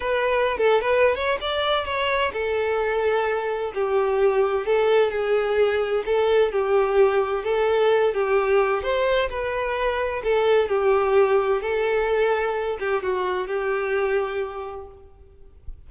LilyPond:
\new Staff \with { instrumentName = "violin" } { \time 4/4 \tempo 4 = 129 b'4~ b'16 a'8 b'8. cis''8 d''4 | cis''4 a'2. | g'2 a'4 gis'4~ | gis'4 a'4 g'2 |
a'4. g'4. c''4 | b'2 a'4 g'4~ | g'4 a'2~ a'8 g'8 | fis'4 g'2. | }